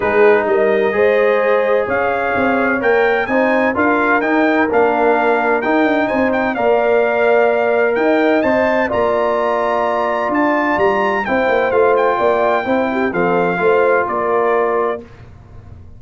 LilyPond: <<
  \new Staff \with { instrumentName = "trumpet" } { \time 4/4 \tempo 4 = 128 b'4 dis''2. | f''2 g''4 gis''4 | f''4 g''4 f''2 | g''4 gis''8 g''8 f''2~ |
f''4 g''4 a''4 ais''4~ | ais''2 a''4 ais''4 | g''4 f''8 g''2~ g''8 | f''2 d''2 | }
  \new Staff \with { instrumentName = "horn" } { \time 4/4 gis'4 ais'4 c''2 | cis''2. c''4 | ais'1~ | ais'4 c''4 d''2~ |
d''4 dis''2 d''4~ | d''1 | c''2 d''4 c''8 g'8 | a'4 c''4 ais'2 | }
  \new Staff \with { instrumentName = "trombone" } { \time 4/4 dis'2 gis'2~ | gis'2 ais'4 dis'4 | f'4 dis'4 d'2 | dis'2 ais'2~ |
ais'2 c''4 f'4~ | f'1 | e'4 f'2 e'4 | c'4 f'2. | }
  \new Staff \with { instrumentName = "tuba" } { \time 4/4 gis4 g4 gis2 | cis'4 c'4 ais4 c'4 | d'4 dis'4 ais2 | dis'8 d'8 c'4 ais2~ |
ais4 dis'4 c'4 ais4~ | ais2 d'4 g4 | c'8 ais8 a4 ais4 c'4 | f4 a4 ais2 | }
>>